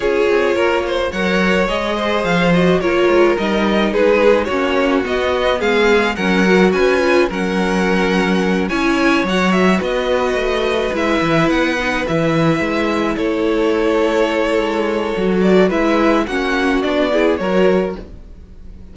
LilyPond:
<<
  \new Staff \with { instrumentName = "violin" } { \time 4/4 \tempo 4 = 107 cis''2 fis''4 dis''4 | f''8 dis''8 cis''4 dis''4 b'4 | cis''4 dis''4 f''4 fis''4 | gis''4 fis''2~ fis''8 gis''8~ |
gis''8 fis''8 e''8 dis''2 e''8~ | e''8 fis''4 e''2 cis''8~ | cis''2.~ cis''8 d''8 | e''4 fis''4 d''4 cis''4 | }
  \new Staff \with { instrumentName = "violin" } { \time 4/4 gis'4 ais'8 c''8 cis''4. c''8~ | c''4 ais'2 gis'4 | fis'2 gis'4 ais'4 | b'4 ais'2~ ais'8 cis''8~ |
cis''4. b'2~ b'8~ | b'2.~ b'8 a'8~ | a'1 | b'4 fis'4. gis'8 ais'4 | }
  \new Staff \with { instrumentName = "viola" } { \time 4/4 f'2 ais'4 gis'4~ | gis'8 fis'8 f'4 dis'2 | cis'4 b2 cis'8 fis'8~ | fis'8 f'8 cis'2~ cis'8 e'8~ |
e'8 fis'2. e'8~ | e'4 dis'8 e'2~ e'8~ | e'2. fis'4 | e'4 cis'4 d'8 e'8 fis'4 | }
  \new Staff \with { instrumentName = "cello" } { \time 4/4 cis'8 c'8 ais4 fis4 gis4 | f4 ais8 gis8 g4 gis4 | ais4 b4 gis4 fis4 | cis'4 fis2~ fis8 cis'8~ |
cis'8 fis4 b4 a4 gis8 | e8 b4 e4 gis4 a8~ | a2 gis4 fis4 | gis4 ais4 b4 fis4 | }
>>